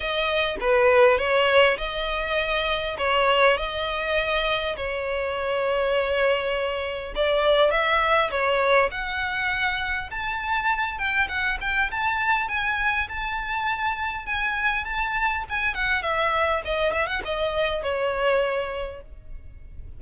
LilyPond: \new Staff \with { instrumentName = "violin" } { \time 4/4 \tempo 4 = 101 dis''4 b'4 cis''4 dis''4~ | dis''4 cis''4 dis''2 | cis''1 | d''4 e''4 cis''4 fis''4~ |
fis''4 a''4. g''8 fis''8 g''8 | a''4 gis''4 a''2 | gis''4 a''4 gis''8 fis''8 e''4 | dis''8 e''16 fis''16 dis''4 cis''2 | }